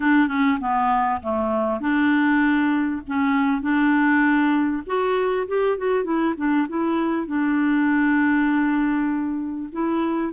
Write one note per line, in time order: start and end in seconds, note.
0.00 0.28 D4
0.28 0.58 C#4
0.60 1.20 B3
1.22 1.80 A3
1.80 3.01 D4
3.07 3.61 C#4
3.61 4.83 D4
4.86 5.47 F#4
5.47 5.77 G4
5.77 6.04 F#4
6.04 6.34 E4
6.36 6.67 D4
6.68 7.26 E4
7.26 9.69 D4
9.72 10.33 E4